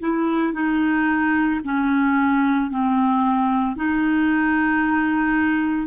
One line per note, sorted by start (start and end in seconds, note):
0.00 0.54 E4
0.54 1.61 D#4
1.64 2.71 C#4
2.71 3.76 C4
3.76 5.87 D#4